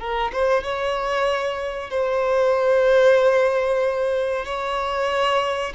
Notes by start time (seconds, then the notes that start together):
0.00 A#4
0.33 C5
0.64 C#5
1.91 C5
4.46 C#5